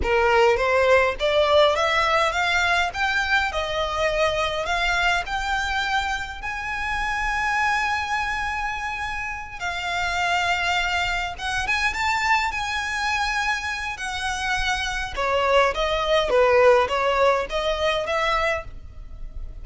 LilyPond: \new Staff \with { instrumentName = "violin" } { \time 4/4 \tempo 4 = 103 ais'4 c''4 d''4 e''4 | f''4 g''4 dis''2 | f''4 g''2 gis''4~ | gis''1~ |
gis''8 f''2. fis''8 | gis''8 a''4 gis''2~ gis''8 | fis''2 cis''4 dis''4 | b'4 cis''4 dis''4 e''4 | }